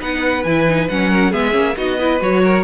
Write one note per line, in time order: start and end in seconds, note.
0.00 0.44 B3
0.00 0.44 D#4
0.00 1.09 B4
0.00 0.43 F#5
0.43 0.89 E3
0.43 0.68 E4
0.43 0.88 G#5
0.68 0.90 D#4
0.89 1.34 F#3
0.89 1.32 C#4
0.89 1.32 F#5
1.09 1.31 A#4
1.31 1.54 G#3
1.31 1.51 B3
1.31 1.75 G#4
1.31 1.76 E5
1.51 1.76 A#3
1.51 1.73 C#4
1.77 2.21 B3
1.77 1.99 D#4
1.77 1.98 F#4
1.77 2.22 D#5
1.98 2.20 E4
1.98 2.42 B4
2.20 2.64 F#3
2.20 2.64 F#4
2.20 2.64 C#5
2.44 2.64 A#4